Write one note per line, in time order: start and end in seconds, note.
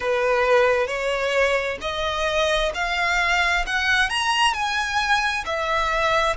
0.00 0.87 B4
0.87 1.78 C#5
1.81 2.71 D#5
2.74 3.65 F5
3.66 4.09 F#5
4.09 4.53 A#5
4.53 5.44 G#5
5.45 6.36 E5